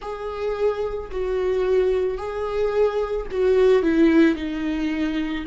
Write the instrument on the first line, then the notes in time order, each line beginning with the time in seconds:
viola
0.01 G#4
1.11 F#4
2.17 G#4
3.31 F#4
3.82 E4
4.35 D#4